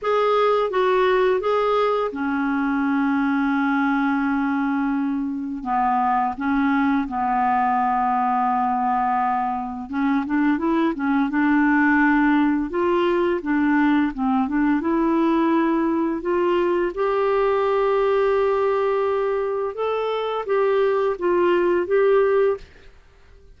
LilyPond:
\new Staff \with { instrumentName = "clarinet" } { \time 4/4 \tempo 4 = 85 gis'4 fis'4 gis'4 cis'4~ | cis'1 | b4 cis'4 b2~ | b2 cis'8 d'8 e'8 cis'8 |
d'2 f'4 d'4 | c'8 d'8 e'2 f'4 | g'1 | a'4 g'4 f'4 g'4 | }